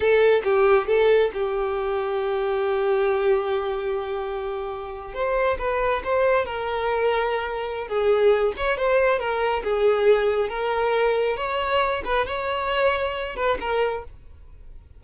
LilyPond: \new Staff \with { instrumentName = "violin" } { \time 4/4 \tempo 4 = 137 a'4 g'4 a'4 g'4~ | g'1~ | g'2.~ g'8. c''16~ | c''8. b'4 c''4 ais'4~ ais'16~ |
ais'2 gis'4. cis''8 | c''4 ais'4 gis'2 | ais'2 cis''4. b'8 | cis''2~ cis''8 b'8 ais'4 | }